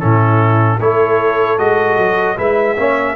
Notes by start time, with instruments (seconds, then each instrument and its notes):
0.00 tuba A2, trombone C#4, horn E4, trumpet A4
0.79 tuba A3, trombone E4, horn A4, trumpet C#5
1.58 tuba G#3, trombone F#4, trumpet D#5
1.98 tuba F#3
2.37 tuba G#3, trombone E4, horn B4, trumpet E5
2.77 tuba A#3, trombone C#4, horn C#5